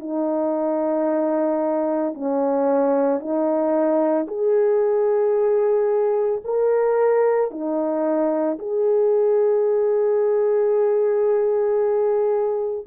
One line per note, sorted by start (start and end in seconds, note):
0.00 2.14 D#4
2.14 3.20 C#4
3.20 4.27 D#4
4.28 6.42 G#4
6.44 7.51 A#4
7.51 8.58 D#4
8.59 12.87 G#4